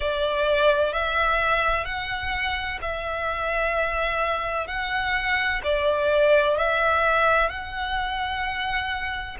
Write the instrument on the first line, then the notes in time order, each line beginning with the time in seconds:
violin
0.00 D5
0.92 E5
1.85 F#5
2.81 E5
4.67 F#5
5.63 D5
6.57 E5
7.49 F#5